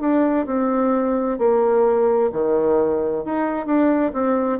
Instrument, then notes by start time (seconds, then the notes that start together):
bassoon
0.00 D4
0.46 C4
1.38 A#3
2.32 D#3
3.24 D#4
3.65 D4
4.13 C4